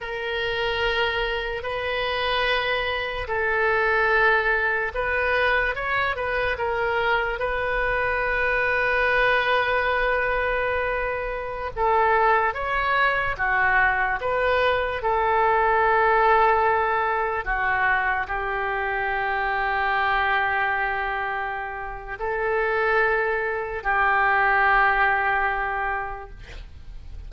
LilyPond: \new Staff \with { instrumentName = "oboe" } { \time 4/4 \tempo 4 = 73 ais'2 b'2 | a'2 b'4 cis''8 b'8 | ais'4 b'2.~ | b'2~ b'16 a'4 cis''8.~ |
cis''16 fis'4 b'4 a'4.~ a'16~ | a'4~ a'16 fis'4 g'4.~ g'16~ | g'2. a'4~ | a'4 g'2. | }